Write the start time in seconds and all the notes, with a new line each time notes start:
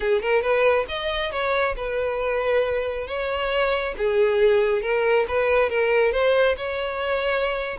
0.00 G#4
0.21 A#4
0.41 B4
0.88 D#5
1.31 C#5
1.76 B4
3.07 C#5
3.97 G#4
4.82 A#4
5.28 B4
5.69 A#4
6.11 C5
6.57 C#5